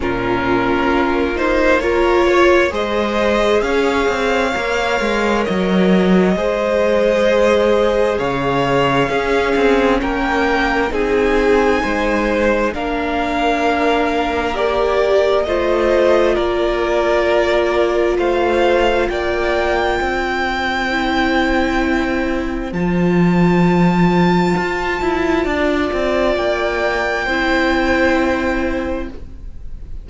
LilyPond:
<<
  \new Staff \with { instrumentName = "violin" } { \time 4/4 \tempo 4 = 66 ais'4. c''8 cis''4 dis''4 | f''2 dis''2~ | dis''4 f''2 g''4 | gis''2 f''2 |
d''4 dis''4 d''2 | f''4 g''2.~ | g''4 a''2.~ | a''4 g''2. | }
  \new Staff \with { instrumentName = "violin" } { \time 4/4 f'2 ais'8 cis''8 c''4 | cis''2. c''4~ | c''4 cis''4 gis'4 ais'4 | gis'4 c''4 ais'2~ |
ais'4 c''4 ais'2 | c''4 d''4 c''2~ | c''1 | d''2 c''2 | }
  \new Staff \with { instrumentName = "viola" } { \time 4/4 cis'4. dis'8 f'4 gis'4~ | gis'4 ais'2 gis'4~ | gis'2 cis'2 | dis'2 d'2 |
g'4 f'2.~ | f'2. e'4~ | e'4 f'2.~ | f'2 e'2 | }
  \new Staff \with { instrumentName = "cello" } { \time 4/4 ais,4 ais2 gis4 | cis'8 c'8 ais8 gis8 fis4 gis4~ | gis4 cis4 cis'8 c'8 ais4 | c'4 gis4 ais2~ |
ais4 a4 ais2 | a4 ais4 c'2~ | c'4 f2 f'8 e'8 | d'8 c'8 ais4 c'2 | }
>>